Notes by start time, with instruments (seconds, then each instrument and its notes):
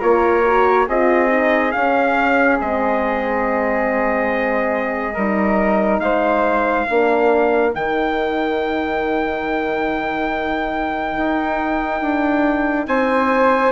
0.00 bassoon A#3, horn F4, flute A#4, trumpet C#5
0.46 horn F#4
0.87 bassoon C4, horn F4, flute G#4, trumpet D#5
1.29 horn D#4
1.72 horn C#4, bassoon C#4, trumpet F5
2.58 bassoon G#3, horn C4, trumpet D#5
5.14 bassoon G3, horn D#4, flute A#4
6.00 bassoon G#3, flute C5, trumpet F5
6.85 bassoon A#3, horn D4, flute A#4
7.72 bassoon D#3, horn D#4, trumpet G5
11.17 bassoon D#4
12.01 bassoon D4
12.87 bassoon C4, flute C5, trumpet G#5